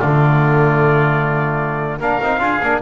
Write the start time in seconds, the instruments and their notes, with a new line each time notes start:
0.00 double bass D3, trombone A3, oboe F4, trumpet D5
2.00 double bass A#3, trombone D4, oboe A#4, trumpet F5
2.21 double bass C4, trombone D#4
2.40 double bass D4, trombone F4, oboe G#4
2.63 double bass A#3, trombone D4